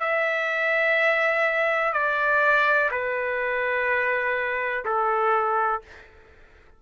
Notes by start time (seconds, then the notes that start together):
0.00 E5
1.93 D5
2.91 B4
4.85 A4